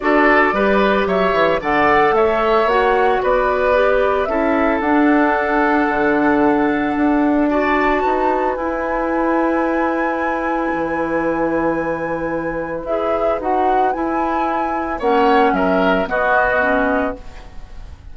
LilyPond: <<
  \new Staff \with { instrumentName = "flute" } { \time 4/4 \tempo 4 = 112 d''2 e''4 fis''4 | e''4 fis''4 d''2 | e''4 fis''2.~ | fis''2 a''2 |
gis''1~ | gis''1 | e''4 fis''4 gis''2 | fis''4 e''4 dis''2 | }
  \new Staff \with { instrumentName = "oboe" } { \time 4/4 a'4 b'4 cis''4 d''4 | cis''2 b'2 | a'1~ | a'2 d''4 b'4~ |
b'1~ | b'1~ | b'1 | cis''4 ais'4 fis'2 | }
  \new Staff \with { instrumentName = "clarinet" } { \time 4/4 fis'4 g'2 a'4~ | a'4 fis'2 g'4 | e'4 d'2.~ | d'2 fis'2 |
e'1~ | e'1 | gis'4 fis'4 e'2 | cis'2 b4 cis'4 | }
  \new Staff \with { instrumentName = "bassoon" } { \time 4/4 d'4 g4 fis8 e8 d4 | a4 ais4 b2 | cis'4 d'2 d4~ | d4 d'2 dis'4 |
e'1 | e1 | e'4 dis'4 e'2 | ais4 fis4 b2 | }
>>